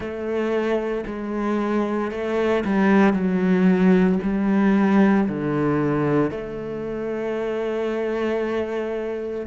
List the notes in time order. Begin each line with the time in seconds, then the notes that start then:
0.00 A3
1.06 G#3
2.11 A3
2.64 G3
3.13 F#3
4.22 G3
5.28 D3
6.30 A3